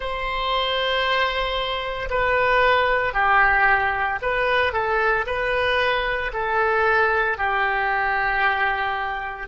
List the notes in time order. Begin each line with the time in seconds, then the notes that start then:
0.00 C5
2.10 B4
3.13 G4
4.22 B4
4.72 A4
5.26 B4
6.33 A4
7.37 G4